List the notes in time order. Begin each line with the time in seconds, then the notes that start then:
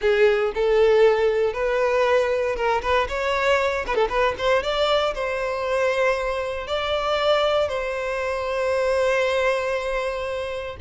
0.01 G#4
0.54 A4
1.53 B4
2.55 A#4
2.81 B4
3.08 C#5
3.86 B4
3.95 A4
4.09 B4
4.38 C5
4.62 D5
5.14 C5
6.67 D5
7.68 C5